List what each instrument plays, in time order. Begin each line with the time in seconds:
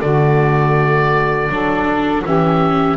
0.00 double bass D3, viola A3, saxophone F#4, oboe D5
1.48 double bass F#3, viola D4, saxophone A4
2.23 double bass E3, viola C#4, saxophone G4, oboe E5